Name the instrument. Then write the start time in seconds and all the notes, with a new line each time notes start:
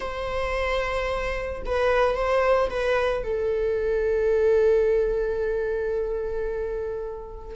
viola
0.00 C5
1.65 B4
2.15 C5
2.69 B4
3.23 A4